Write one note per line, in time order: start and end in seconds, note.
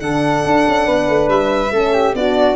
0.00 0.44 D3
0.00 1.71 D4
0.00 0.86 A4
0.00 1.29 F#5
0.45 0.66 D4
0.67 0.88 C#4
0.86 1.09 B3
0.86 1.72 B4
1.09 1.28 A3
1.28 1.71 G3
1.28 2.15 E5
1.71 2.14 A3
1.71 2.15 C#4
1.71 1.93 A4
1.93 2.15 G4
2.14 2.56 B3
2.14 2.56 D4
2.14 2.56 F#4
2.14 2.56 D5